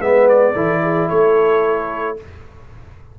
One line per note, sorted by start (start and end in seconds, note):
0.00 0.54 G#3
0.00 0.55 B3
0.00 0.53 B4
0.00 0.28 E5
0.29 1.09 D5
0.53 1.09 E3
0.53 2.17 E4
0.53 0.80 A4
0.82 1.09 G#4
1.09 2.19 A3
1.09 2.17 A4
1.09 2.17 C#5